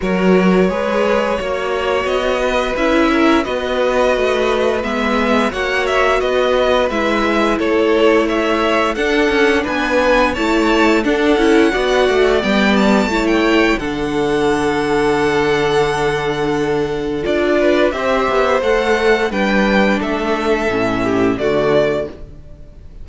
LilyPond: <<
  \new Staff \with { instrumentName = "violin" } { \time 4/4 \tempo 4 = 87 cis''2. dis''4 | e''4 dis''2 e''4 | fis''8 e''8 dis''4 e''4 cis''4 | e''4 fis''4 gis''4 a''4 |
fis''2 g''8 a''8. g''8. | fis''1~ | fis''4 d''4 e''4 fis''4 | g''4 e''2 d''4 | }
  \new Staff \with { instrumentName = "violin" } { \time 4/4 ais'4 b'4 cis''4. b'8~ | b'8 ais'8 b'2. | cis''4 b'2 a'4 | cis''4 a'4 b'4 cis''4 |
a'4 d''2 cis''4 | a'1~ | a'4. b'8 c''2 | b'4 a'4. g'8 fis'4 | }
  \new Staff \with { instrumentName = "viola" } { \time 4/4 fis'4 gis'4 fis'2 | e'4 fis'2 b4 | fis'2 e'2~ | e'4 d'2 e'4 |
d'8 e'8 fis'4 b4 e'4 | d'1~ | d'4 f'4 g'4 a'4 | d'2 cis'4 a4 | }
  \new Staff \with { instrumentName = "cello" } { \time 4/4 fis4 gis4 ais4 b4 | cis'4 b4 a4 gis4 | ais4 b4 gis4 a4~ | a4 d'8 cis'8 b4 a4 |
d'8 cis'8 b8 a8 g4 a4 | d1~ | d4 d'4 c'8 b8 a4 | g4 a4 a,4 d4 | }
>>